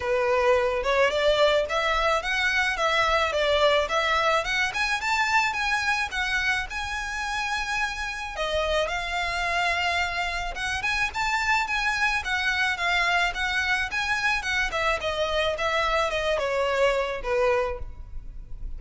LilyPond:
\new Staff \with { instrumentName = "violin" } { \time 4/4 \tempo 4 = 108 b'4. cis''8 d''4 e''4 | fis''4 e''4 d''4 e''4 | fis''8 gis''8 a''4 gis''4 fis''4 | gis''2. dis''4 |
f''2. fis''8 gis''8 | a''4 gis''4 fis''4 f''4 | fis''4 gis''4 fis''8 e''8 dis''4 | e''4 dis''8 cis''4. b'4 | }